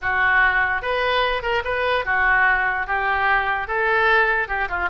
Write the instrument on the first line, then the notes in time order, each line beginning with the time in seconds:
oboe
0.01 F#4
0.82 B4
1.42 A#4
1.64 B4
2.05 F#4
2.86 G4
3.67 A4
4.48 G4
4.68 F4